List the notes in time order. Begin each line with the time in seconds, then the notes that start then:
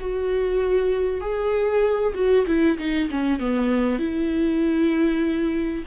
0.00 F#4
1.21 G#4
2.14 F#4
2.47 E4
2.78 D#4
3.10 C#4
3.39 B3
3.99 E4